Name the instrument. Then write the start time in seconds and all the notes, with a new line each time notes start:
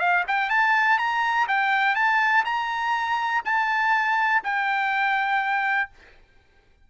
trumpet
0.00 F5
0.28 G5
0.50 A5
0.99 A#5
1.49 G5
1.96 A5
2.45 A#5
3.45 A5
4.44 G5